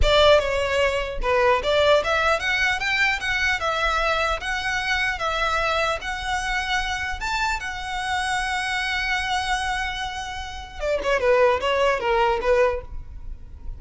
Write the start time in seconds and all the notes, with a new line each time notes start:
0.02 D5
0.39 C#5
1.22 B4
1.63 D5
2.04 E5
2.39 F#5
2.79 G5
3.20 F#5
3.59 E5
4.40 F#5
5.18 E5
6.01 F#5
7.20 A5
7.60 F#5
10.79 D5
11.03 C#5
11.19 B4
11.60 C#5
12.00 A#4
12.41 B4